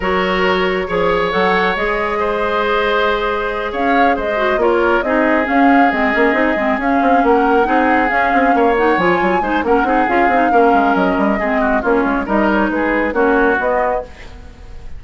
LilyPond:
<<
  \new Staff \with { instrumentName = "flute" } { \time 4/4 \tempo 4 = 137 cis''2. fis''4 | dis''1~ | dis''8 f''4 dis''4 cis''4 dis''8~ | dis''8 f''4 dis''2 f''8~ |
f''8 fis''2 f''4. | fis''8 gis''4. fis''4 f''4~ | f''4 dis''2 cis''4 | dis''8 cis''8 b'4 cis''4 dis''4 | }
  \new Staff \with { instrumentName = "oboe" } { \time 4/4 ais'2 cis''2~ | cis''4 c''2.~ | c''8 cis''4 c''4 ais'4 gis'8~ | gis'1~ |
gis'8 ais'4 gis'2 cis''8~ | cis''4. c''8 ais'8 gis'4. | ais'2 gis'8 fis'8 f'4 | ais'4 gis'4 fis'2 | }
  \new Staff \with { instrumentName = "clarinet" } { \time 4/4 fis'2 gis'4 a'4 | gis'1~ | gis'2 fis'8 f'4 dis'8~ | dis'8 cis'4 c'8 cis'8 dis'8 c'8 cis'8~ |
cis'4. dis'4 cis'4. | dis'8 f'4 dis'8 cis'8 dis'8 f'8 dis'8 | cis'2 c'4 cis'4 | dis'2 cis'4 b4 | }
  \new Staff \with { instrumentName = "bassoon" } { \time 4/4 fis2 f4 fis4 | gis1~ | gis8 cis'4 gis4 ais4 c'8~ | c'8 cis'4 gis8 ais8 c'8 gis8 cis'8 |
c'8 ais4 c'4 cis'8 c'8 ais8~ | ais8 f8 fis8 gis8 ais8 c'8 cis'8 c'8 | ais8 gis8 fis8 g8 gis4 ais8 gis8 | g4 gis4 ais4 b4 | }
>>